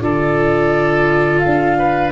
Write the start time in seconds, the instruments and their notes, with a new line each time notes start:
0.00 tuba D3, viola F4, oboe A4, flute D5
1.40 flute F5
1.46 tuba D4
1.79 oboe B4